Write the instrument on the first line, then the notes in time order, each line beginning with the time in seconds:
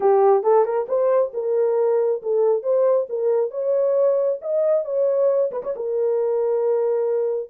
horn
0.00 G4
0.43 A4
0.64 A#4
0.88 C5
1.33 A#4
2.22 A4
2.62 C5
3.09 A#4
3.50 C#5
4.41 D#5
4.84 C#5
5.51 B4
5.63 C#5
5.76 A#4